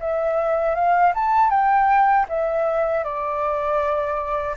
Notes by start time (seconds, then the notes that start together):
0.00 E5
0.75 F5
1.15 A5
1.50 G5
2.29 E5
3.04 D5